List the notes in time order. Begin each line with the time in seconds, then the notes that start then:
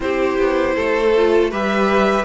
0.00 C4 E4 G4 C5
0.38 B3
0.75 A3 A4
1.17 F4
1.50 G3 G4 B4 E5